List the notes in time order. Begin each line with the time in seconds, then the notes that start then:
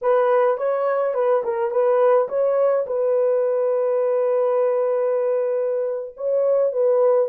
0.01 B4
0.57 C#5
1.14 B4
1.43 A#4
1.71 B4
2.28 C#5
2.86 B4
6.16 C#5
6.72 B4